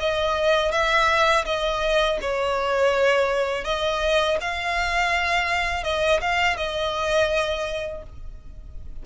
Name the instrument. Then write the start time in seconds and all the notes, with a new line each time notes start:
violin
0.00 D#5
0.72 E5
1.46 D#5
2.22 C#5
3.65 D#5
4.41 F5
5.84 D#5
6.21 F5
6.57 D#5